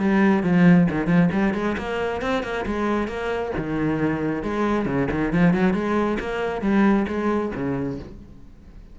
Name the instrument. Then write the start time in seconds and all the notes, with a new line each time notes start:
cello
0.00 G3
0.44 F3
0.91 D#3
1.07 F3
1.32 G3
1.55 G#3
1.78 A#3
2.22 C4
2.43 A#3
2.66 G#3
3.08 A#3
3.57 D#3
4.43 G#3
4.86 C#3
5.11 D#3
5.33 F3
5.54 F#3
5.74 G#3
6.20 A#3
6.62 G3
7.08 G#3
7.55 C#3